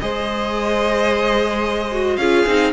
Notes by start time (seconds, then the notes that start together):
0.00 G#3 G#4 C5 D#5
1.92 F#4
2.17 C#4 F4 G#4 F5
2.47 C4 D#4